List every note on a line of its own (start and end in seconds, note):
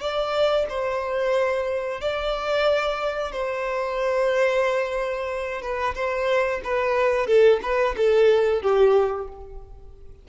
0.00 0.66 D5
0.69 2.01 C5
2.01 3.32 D5
3.32 5.61 C5
5.61 5.94 B4
5.95 6.61 C5
6.64 7.27 B4
7.27 7.60 A4
7.62 7.95 B4
7.96 8.62 A4
8.62 9.28 G4